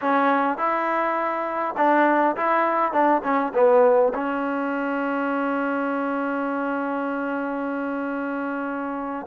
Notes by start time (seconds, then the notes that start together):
0.01 C#4
0.57 E4
1.77 D4
2.36 E4
2.92 D4
3.23 C#4
3.53 B3
4.14 C#4